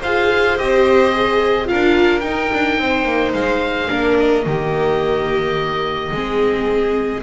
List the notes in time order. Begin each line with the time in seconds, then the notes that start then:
0.00 F4 G#4 C5 F5
0.58 C4 G4 D#5
1.13 G#4
1.66 F4 A#4 F5
1.72 D4
2.20 D#4 G5
2.53 D4
2.78 C4 C5
3.05 A#3
3.33 G#3 F5
3.88 A#3 D4 A#4
4.20 D#5
4.46 D#3 A#3 G4
6.11 G#3 C4 G#4